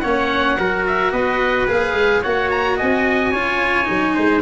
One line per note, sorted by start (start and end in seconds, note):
0.00 0.58 A#3
0.00 0.57 C#4
0.00 0.57 C#5
0.00 0.83 F#5
0.58 1.12 F#3
0.58 1.68 F#4
0.58 1.12 A#4
0.86 1.12 E5
1.12 1.67 B3
1.12 2.21 B4
1.12 1.67 D#5
1.68 1.93 A#3
1.68 2.23 G#4
1.68 2.23 F5
1.93 2.20 G#3
2.21 2.80 A#3
2.21 3.34 F#4
2.21 2.76 C#5
2.21 2.50 F#5
2.50 2.78 A#5
2.77 3.33 C4
2.77 3.31 D#5
2.77 4.41 G#5
3.31 3.88 C#4
3.31 3.85 F4
3.31 4.14 C#5
3.85 4.17 F#3
3.85 4.40 D#4
4.15 4.41 G#3
4.15 4.41 C5